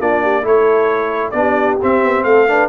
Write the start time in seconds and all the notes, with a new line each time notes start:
0.00 A#3 D4 F4 D5
0.23 G4
0.41 A3 E4 A4 C#5
1.31 B3 D4 D5
1.38 G4
1.82 C4 E5
2.03 B3
2.24 A3 A4 F5
2.48 D4 B4